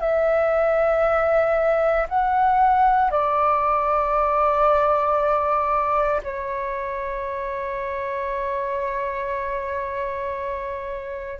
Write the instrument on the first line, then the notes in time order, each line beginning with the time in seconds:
flute
0.00 E5
2.09 F#5
3.11 D5
6.24 C#5